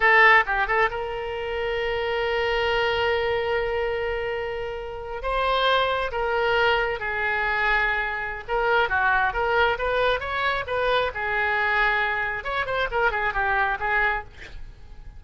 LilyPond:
\new Staff \with { instrumentName = "oboe" } { \time 4/4 \tempo 4 = 135 a'4 g'8 a'8 ais'2~ | ais'1~ | ais'2.~ ais'8. c''16~ | c''4.~ c''16 ais'2 gis'16~ |
gis'2. ais'4 | fis'4 ais'4 b'4 cis''4 | b'4 gis'2. | cis''8 c''8 ais'8 gis'8 g'4 gis'4 | }